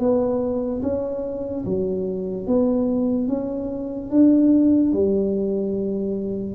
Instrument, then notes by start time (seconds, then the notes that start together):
tuba
0.00 B3
0.83 C#4
1.66 F#3
2.47 B3
3.29 C#4
4.11 D4
4.93 G3